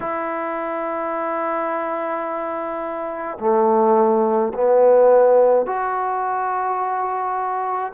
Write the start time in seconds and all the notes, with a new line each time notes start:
0.00 E4
3.39 A3
4.53 B3
5.66 F#4